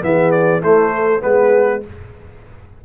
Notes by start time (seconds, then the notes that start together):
0.00 E3 B3 G#4 E5
0.31 D5
0.61 A3 E4 C5
0.94 A4
1.20 G#3 B3 G#4 B4